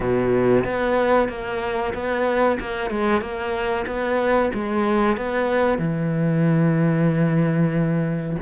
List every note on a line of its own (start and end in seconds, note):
0.00 0.64 B2
0.64 1.28 B3
1.28 1.93 A#3
1.94 2.58 B3
2.60 2.90 A#3
2.90 3.21 G#3
3.21 3.85 A#3
3.86 4.51 B3
4.54 5.16 G#3
5.16 5.78 B3
5.78 8.36 E3